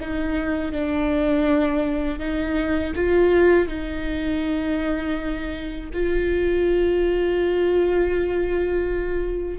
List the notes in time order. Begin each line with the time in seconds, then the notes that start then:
0.00 D#4
0.72 D4
2.19 D#4
2.96 F4
3.67 D#4
5.93 F4